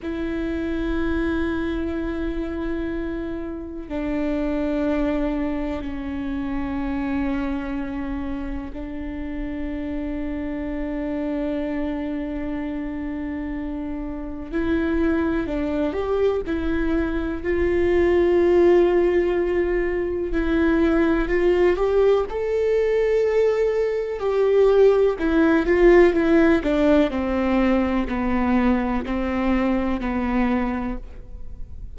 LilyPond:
\new Staff \with { instrumentName = "viola" } { \time 4/4 \tempo 4 = 62 e'1 | d'2 cis'2~ | cis'4 d'2.~ | d'2. e'4 |
d'8 g'8 e'4 f'2~ | f'4 e'4 f'8 g'8 a'4~ | a'4 g'4 e'8 f'8 e'8 d'8 | c'4 b4 c'4 b4 | }